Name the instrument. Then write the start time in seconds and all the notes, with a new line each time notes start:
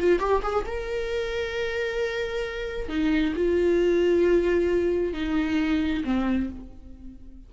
viola
0.00 F4
0.19 G4
0.43 G#4
0.66 A#4
2.89 D#4
3.36 F4
5.13 D#4
6.05 C4